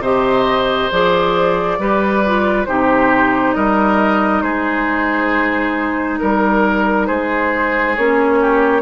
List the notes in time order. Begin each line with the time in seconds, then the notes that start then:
0.00 C3 G4 C5 D#5
0.91 F3 G#4 D5
1.79 G3 G4 B4
2.26 F4
2.66 C3 D#4 G4 C5
3.54 G3 A#4 D#5
4.42 G#3 G#4 C5
6.19 G3 A#4
7.07 G#3 G#4 C5
7.96 A#3 C#4 C#5
8.41 G4